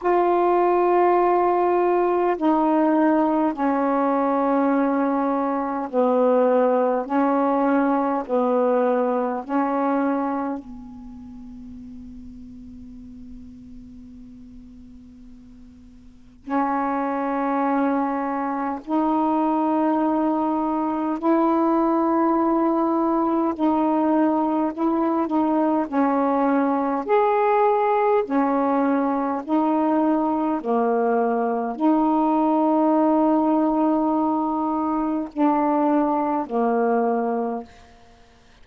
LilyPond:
\new Staff \with { instrumentName = "saxophone" } { \time 4/4 \tempo 4 = 51 f'2 dis'4 cis'4~ | cis'4 b4 cis'4 b4 | cis'4 b2.~ | b2 cis'2 |
dis'2 e'2 | dis'4 e'8 dis'8 cis'4 gis'4 | cis'4 dis'4 ais4 dis'4~ | dis'2 d'4 ais4 | }